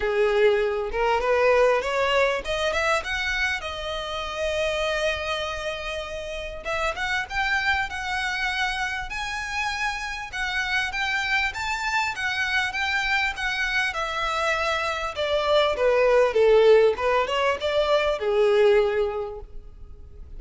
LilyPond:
\new Staff \with { instrumentName = "violin" } { \time 4/4 \tempo 4 = 99 gis'4. ais'8 b'4 cis''4 | dis''8 e''8 fis''4 dis''2~ | dis''2. e''8 fis''8 | g''4 fis''2 gis''4~ |
gis''4 fis''4 g''4 a''4 | fis''4 g''4 fis''4 e''4~ | e''4 d''4 b'4 a'4 | b'8 cis''8 d''4 gis'2 | }